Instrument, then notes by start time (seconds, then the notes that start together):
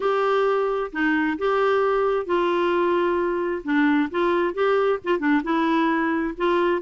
clarinet
0.00 G4
0.92 D#4
1.38 G4
2.25 F4
3.64 D4
4.11 F4
4.53 G4
5.04 F4
5.19 D4
5.43 E4
6.37 F4